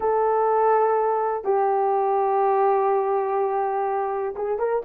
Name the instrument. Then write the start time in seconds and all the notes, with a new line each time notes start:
horn
0.00 A4
1.44 G4
4.35 G#4
4.58 A#4